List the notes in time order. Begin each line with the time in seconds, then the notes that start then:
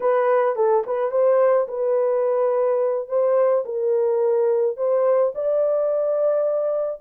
0.00 B4
0.55 A4
0.86 B4
1.11 C5
1.68 B4
3.08 C5
3.65 A#4
4.76 C5
5.34 D5